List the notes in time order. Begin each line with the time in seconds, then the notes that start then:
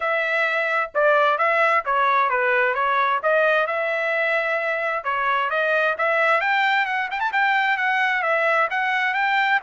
0.00 E5
0.94 D5
1.37 E5
1.85 C#5
2.29 B4
2.74 C#5
3.22 D#5
3.66 E5
5.04 C#5
5.50 D#5
5.98 E5
6.40 G5
6.85 F#5
7.10 G5
7.20 A5
7.32 G5
7.77 F#5
8.22 E5
8.70 F#5
9.14 G5